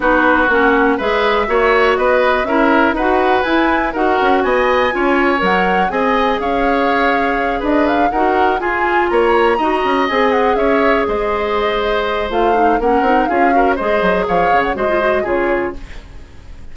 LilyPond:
<<
  \new Staff \with { instrumentName = "flute" } { \time 4/4 \tempo 4 = 122 b'4 fis''4 e''2 | dis''4 e''4 fis''4 gis''4 | fis''4 gis''2 fis''4 | gis''4 f''2~ f''8 dis''8 |
f''8 fis''4 gis''4 ais''4.~ | ais''8 gis''8 fis''8 e''4 dis''4.~ | dis''4 f''4 fis''4 f''4 | dis''4 f''8. fis''16 dis''4 cis''4 | }
  \new Staff \with { instrumentName = "oboe" } { \time 4/4 fis'2 b'4 cis''4 | b'4 ais'4 b'2 | ais'4 dis''4 cis''2 | dis''4 cis''2~ cis''8 b'8~ |
b'8 ais'4 gis'4 cis''4 dis''8~ | dis''4. cis''4 c''4.~ | c''2 ais'4 gis'8 ais'8 | c''4 cis''4 c''4 gis'4 | }
  \new Staff \with { instrumentName = "clarinet" } { \time 4/4 dis'4 cis'4 gis'4 fis'4~ | fis'4 e'4 fis'4 e'4 | fis'2 f'4 ais'4 | gis'1~ |
gis'8 fis'4 f'2 fis'8~ | fis'8 gis'2.~ gis'8~ | gis'4 f'8 dis'8 cis'8 dis'8 f'8 fis'8 | gis'2 fis'16 f'16 fis'8 f'4 | }
  \new Staff \with { instrumentName = "bassoon" } { \time 4/4 b4 ais4 gis4 ais4 | b4 cis'4 dis'4 e'4 | dis'8 cis'8 b4 cis'4 fis4 | c'4 cis'2~ cis'8 d'8~ |
d'8 dis'4 f'4 ais4 dis'8 | cis'8 c'4 cis'4 gis4.~ | gis4 a4 ais8 c'8 cis'4 | gis8 fis8 f8 cis8 gis4 cis4 | }
>>